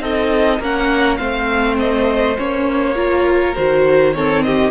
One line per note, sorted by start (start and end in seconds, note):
0.00 0.59 C4
0.00 0.59 D#4
0.00 0.60 A4
0.00 0.62 D#5
0.60 1.19 A#3
0.60 1.20 C#4
0.60 1.19 A#4
0.60 1.17 F#5
1.17 2.38 A3
1.17 2.37 C4
1.17 2.95 C5
1.17 1.76 F5
1.79 2.38 D#5
2.38 3.57 A#3
2.38 2.96 C#4
2.38 3.56 C#5
2.96 3.55 F4
2.96 4.14 A#4
3.56 4.72 D#3
3.56 4.15 F#4
3.56 4.14 C5
4.14 4.72 C4
4.14 4.46 A4
4.14 4.43 C#5
4.43 4.72 G4
4.43 4.72 D#5